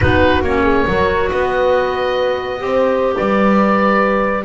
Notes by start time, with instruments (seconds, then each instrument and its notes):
0.00 double bass B3, clarinet D#4, horn F#4, oboe B4
0.42 double bass A#3, clarinet C#4, oboe C#5
0.63 horn G#4
0.87 double bass F#3, clarinet F#4, horn A#4
1.30 double bass B3, horn B4, oboe D#5
2.59 double bass C4, clarinet G4, horn C5
3.14 double bass G3, horn B4, oboe D5